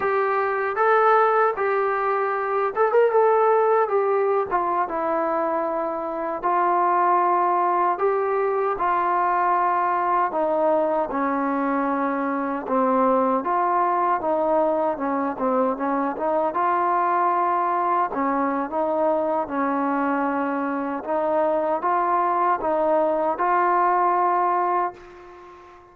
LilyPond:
\new Staff \with { instrumentName = "trombone" } { \time 4/4 \tempo 4 = 77 g'4 a'4 g'4. a'16 ais'16 | a'4 g'8. f'8 e'4.~ e'16~ | e'16 f'2 g'4 f'8.~ | f'4~ f'16 dis'4 cis'4.~ cis'16~ |
cis'16 c'4 f'4 dis'4 cis'8 c'16~ | c'16 cis'8 dis'8 f'2 cis'8. | dis'4 cis'2 dis'4 | f'4 dis'4 f'2 | }